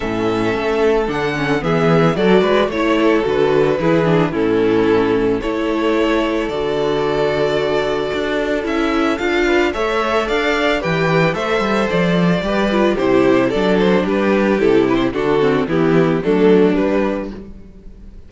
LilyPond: <<
  \new Staff \with { instrumentName = "violin" } { \time 4/4 \tempo 4 = 111 e''2 fis''4 e''4 | d''4 cis''4 b'2 | a'2 cis''2 | d''1 |
e''4 f''4 e''4 f''4 | g''4 e''4 d''2 | c''4 d''8 c''8 b'4 a'8 b'16 c''16 | a'4 g'4 a'4 b'4 | }
  \new Staff \with { instrumentName = "violin" } { \time 4/4 a'2. gis'4 | a'8 b'8 cis''8 a'4. gis'4 | e'2 a'2~ | a'1~ |
a'4. b'8 cis''4 d''4 | b'4 c''2 b'4 | g'4 a'4 g'2 | fis'4 e'4 d'2 | }
  \new Staff \with { instrumentName = "viola" } { \time 4/4 cis'2 d'8 cis'8 b4 | fis'4 e'4 fis'4 e'8 d'8 | cis'2 e'2 | fis'1 |
e'4 f'4 a'2 | g'4 a'2 g'8 f'8 | e'4 d'2 e'4 | d'8 c'8 b4 a4 g4 | }
  \new Staff \with { instrumentName = "cello" } { \time 4/4 a,4 a4 d4 e4 | fis8 gis8 a4 d4 e4 | a,2 a2 | d2. d'4 |
cis'4 d'4 a4 d'4 | e4 a8 g8 f4 g4 | c4 fis4 g4 c4 | d4 e4 fis4 g4 | }
>>